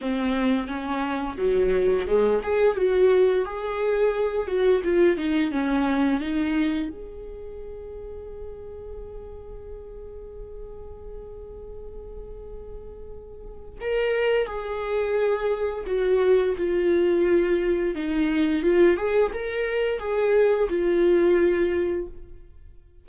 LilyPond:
\new Staff \with { instrumentName = "viola" } { \time 4/4 \tempo 4 = 87 c'4 cis'4 fis4 gis8 gis'8 | fis'4 gis'4. fis'8 f'8 dis'8 | cis'4 dis'4 gis'2~ | gis'1~ |
gis'1 | ais'4 gis'2 fis'4 | f'2 dis'4 f'8 gis'8 | ais'4 gis'4 f'2 | }